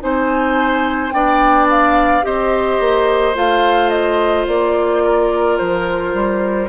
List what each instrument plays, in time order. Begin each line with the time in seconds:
0.00 bassoon C4, clarinet D#4, oboe C5, flute G#5
1.12 bassoon B3, clarinet D4, oboe D5, flute G5
1.70 flute F5
2.22 bassoon C4, clarinet G4, oboe C5, flute D#5
2.79 bassoon A#3
3.34 bassoon A3, clarinet F4, flute F5
3.90 flute D#5
4.47 bassoon A#3, flute D5
5.04 oboe A#4
5.57 bassoon F3, flute C5
6.14 bassoon G3